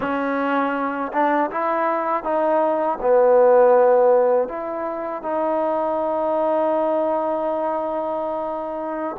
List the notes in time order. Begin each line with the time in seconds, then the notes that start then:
0.00 C#4
1.12 D4
1.50 E4
2.23 D#4
3.01 B3
4.48 E4
5.22 D#4